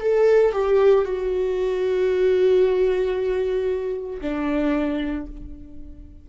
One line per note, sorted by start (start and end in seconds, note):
0.00 0.52 A4
0.52 1.05 G4
1.05 4.21 F#4
4.22 5.27 D4